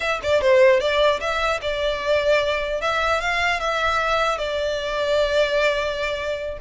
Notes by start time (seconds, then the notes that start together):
0.00 E5
0.23 D5
0.41 C5
0.80 D5
1.20 E5
1.61 D5
2.81 E5
3.20 F5
3.59 E5
4.37 D5